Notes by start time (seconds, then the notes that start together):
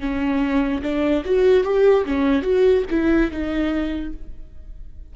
0.00 C#4
0.83 D4
1.25 F#4
1.64 G4
2.06 C#4
2.42 F#4
2.90 E4
3.31 D#4